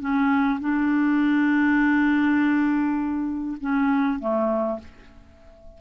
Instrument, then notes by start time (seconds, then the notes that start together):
clarinet
0.00 C#4
0.60 D4
3.60 C#4
4.19 A3